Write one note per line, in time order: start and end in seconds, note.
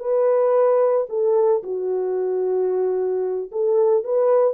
0.00 1.07 B4
1.10 1.63 A4
1.64 3.51 F#4
3.52 4.04 A4
4.04 4.54 B4